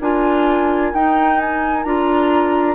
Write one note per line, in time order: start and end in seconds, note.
0.00 0.92 D4
0.00 0.93 F4
0.00 2.75 A#4
0.00 0.94 G#5
0.93 1.84 D#4
0.93 1.85 D#4
0.93 1.39 G5
1.39 1.83 G#5
1.83 2.75 D4
1.83 2.75 F4
1.83 2.75 A#5